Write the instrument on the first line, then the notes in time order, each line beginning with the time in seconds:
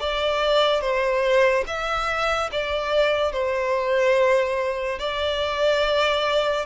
violin
0.00 D5
0.81 C5
1.67 E5
2.52 D5
3.32 C5
4.99 D5